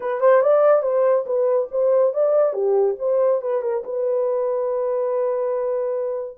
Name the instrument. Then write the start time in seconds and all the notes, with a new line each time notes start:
horn
0.00 B4
0.20 C5
0.42 D5
0.82 C5
1.26 B4
1.71 C5
2.13 D5
2.53 G4
2.98 C5
3.41 B4
3.62 A#4
3.84 B4